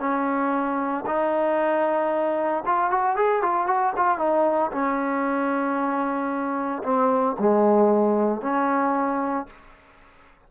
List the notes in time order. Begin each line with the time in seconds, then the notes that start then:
0.00 C#4
1.06 D#4
2.66 F4
2.91 F#4
3.17 G#4
3.43 F4
3.67 F#4
3.97 F4
4.19 D#4
4.72 C#4
6.84 C4
7.39 G#3
8.42 C#4